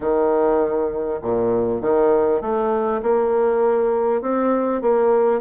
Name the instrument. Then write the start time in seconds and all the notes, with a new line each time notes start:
bassoon
0.00 D#3
1.22 A#2
1.81 D#3
2.41 A3
3.02 A#3
4.21 C4
4.81 A#3